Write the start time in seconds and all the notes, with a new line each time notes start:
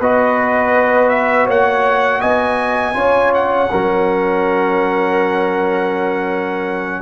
0.00 B3 F#4 B4 D#5
1.09 E5
1.46 A#3 C#5 F#5
2.21 B3 D#5 G#5
2.94 C#4 F4 C#5
3.34 F#5
3.71 F#3 C#4 A#4